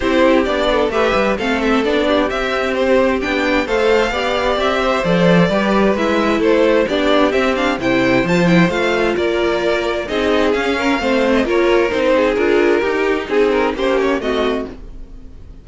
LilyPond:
<<
  \new Staff \with { instrumentName = "violin" } { \time 4/4 \tempo 4 = 131 c''4 d''4 e''4 f''8 e''8 | d''4 e''4 c''4 g''4 | f''2 e''4 d''4~ | d''4 e''4 c''4 d''4 |
e''8 f''8 g''4 a''8 g''8 f''4 | d''2 dis''4 f''4~ | f''8. dis''16 cis''4 c''4 ais'4~ | ais'4 gis'8 ais'8 c''8 cis''8 dis''4 | }
  \new Staff \with { instrumentName = "violin" } { \time 4/4 g'4. a'8 b'4 a'4~ | a'8 g'2.~ g'8 | c''4 d''4. c''4. | b'2 a'4 g'4~ |
g'4 c''2. | ais'2 gis'4. ais'8 | c''4 ais'4. gis'4. | g'4 gis'4 g'4 fis'4 | }
  \new Staff \with { instrumentName = "viola" } { \time 4/4 e'4 d'4 g'4 c'4 | d'4 c'2 d'4 | a'4 g'2 a'4 | g'4 e'2 d'4 |
c'8 d'8 e'4 f'8 e'8 f'4~ | f'2 dis'4 cis'4 | c'4 f'4 dis'4 f'4 | dis'2 cis'4 c'4 | }
  \new Staff \with { instrumentName = "cello" } { \time 4/4 c'4 b4 a8 g8 a4 | b4 c'2 b4 | a4 b4 c'4 f4 | g4 gis4 a4 b4 |
c'4 c4 f4 a4 | ais2 c'4 cis'4 | a4 ais4 c'4 d'4 | dis'4 c'4 ais4 a4 | }
>>